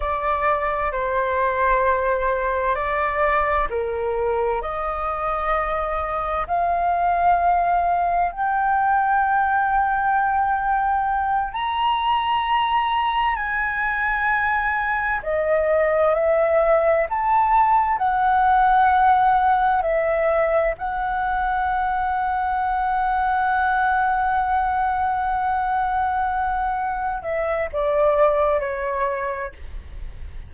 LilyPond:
\new Staff \with { instrumentName = "flute" } { \time 4/4 \tempo 4 = 65 d''4 c''2 d''4 | ais'4 dis''2 f''4~ | f''4 g''2.~ | g''8 ais''2 gis''4.~ |
gis''8 dis''4 e''4 a''4 fis''8~ | fis''4. e''4 fis''4.~ | fis''1~ | fis''4. e''8 d''4 cis''4 | }